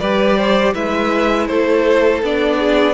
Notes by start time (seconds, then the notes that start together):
0.00 G3 G4 B4 D5
0.37 C5
0.75 G#3 E4 B4 E5
1.48 A3 A4 C5
2.23 B3 D4 D5
2.59 G#4